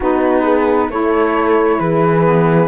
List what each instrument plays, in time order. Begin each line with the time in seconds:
0.00 cello B3, saxophone D#4, horn F#4, flute B4
0.43 horn G#4
0.89 cello A3, saxophone E4, horn A4, flute C#5
1.79 cello E3, horn G#4, flute B4
2.24 saxophone B3